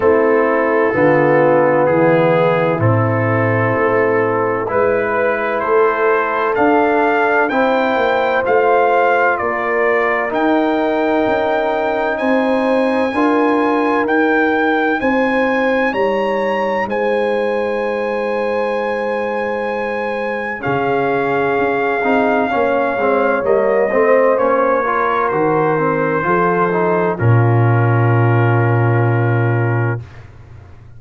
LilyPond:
<<
  \new Staff \with { instrumentName = "trumpet" } { \time 4/4 \tempo 4 = 64 a'2 gis'4 a'4~ | a'4 b'4 c''4 f''4 | g''4 f''4 d''4 g''4~ | g''4 gis''2 g''4 |
gis''4 ais''4 gis''2~ | gis''2 f''2~ | f''4 dis''4 cis''4 c''4~ | c''4 ais'2. | }
  \new Staff \with { instrumentName = "horn" } { \time 4/4 e'4 f'4 e'2~ | e'4 b'4 a'2 | c''2 ais'2~ | ais'4 c''4 ais'2 |
c''4 cis''4 c''2~ | c''2 gis'2 | cis''4. c''4 ais'4. | a'4 f'2. | }
  \new Staff \with { instrumentName = "trombone" } { \time 4/4 c'4 b2 c'4~ | c'4 e'2 d'4 | e'4 f'2 dis'4~ | dis'2 f'4 dis'4~ |
dis'1~ | dis'2 cis'4. dis'8 | cis'8 c'8 ais8 c'8 cis'8 f'8 fis'8 c'8 | f'8 dis'8 cis'2. | }
  \new Staff \with { instrumentName = "tuba" } { \time 4/4 a4 d4 e4 a,4 | a4 gis4 a4 d'4 | c'8 ais8 a4 ais4 dis'4 | cis'4 c'4 d'4 dis'4 |
c'4 g4 gis2~ | gis2 cis4 cis'8 c'8 | ais8 gis8 g8 a8 ais4 dis4 | f4 ais,2. | }
>>